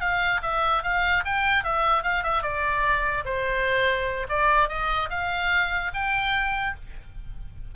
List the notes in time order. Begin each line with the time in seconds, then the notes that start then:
0.00 F5
0.42 E5
0.83 F5
1.25 G5
1.64 E5
2.03 F5
2.23 E5
2.42 D5
3.25 C5
4.29 D5
4.68 D#5
5.10 F5
5.94 G5